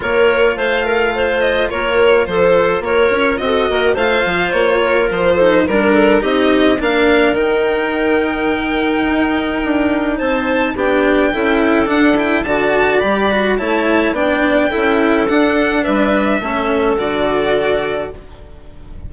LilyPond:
<<
  \new Staff \with { instrumentName = "violin" } { \time 4/4 \tempo 4 = 106 cis''4 f''4. dis''8 cis''4 | c''4 cis''4 dis''4 f''4 | cis''4 c''4 ais'4 dis''4 | f''4 g''2.~ |
g''2 a''4 g''4~ | g''4 fis''8 g''8 a''4 b''4 | a''4 g''2 fis''4 | e''2 d''2 | }
  \new Staff \with { instrumentName = "clarinet" } { \time 4/4 ais'4 c''8 ais'8 c''4 ais'4 | a'4 ais'4 a'8 ais'8 c''4~ | c''8 ais'4 a'8 ais'8 a'8 g'4 | ais'1~ |
ais'2 c''4 g'4 | a'2 d''2 | cis''4 d''4 a'2 | b'4 a'2. | }
  \new Staff \with { instrumentName = "cello" } { \time 4/4 f'1~ | f'2 fis'4 f'4~ | f'4. dis'8 d'4 dis'4 | d'4 dis'2.~ |
dis'2. d'4 | e'4 d'8 e'8 fis'4 g'8 fis'8 | e'4 d'4 e'4 d'4~ | d'4 cis'4 fis'2 | }
  \new Staff \with { instrumentName = "bassoon" } { \time 4/4 ais4 a2 ais4 | f4 ais8 cis'8 c'8 ais8 a8 f8 | ais4 f4 g4 c'4 | ais4 dis2. |
dis'4 d'4 c'4 b4 | cis'4 d'4 d4 g4 | a4 b4 cis'4 d'4 | g4 a4 d2 | }
>>